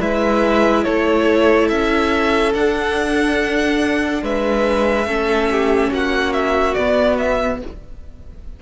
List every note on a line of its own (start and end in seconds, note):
0.00 0.85 G#3
0.00 2.54 E4
0.00 0.85 B4
0.00 0.84 E5
0.84 1.71 A3
0.84 4.23 A4
0.84 1.68 C#5
1.68 2.54 C#4
1.68 2.53 E5
2.54 4.23 D4
2.54 5.07 D4
2.54 4.24 F#5
4.23 5.07 G#3
4.23 5.07 B4
4.23 5.93 E5
5.07 5.91 A3
5.07 6.76 C#4
5.07 5.50 A4
5.51 5.91 G4
5.91 6.76 A#3
5.91 7.60 F#4
5.91 6.33 F#5
6.33 6.74 E5
6.74 7.62 B3
6.74 7.17 D5
7.18 7.61 E5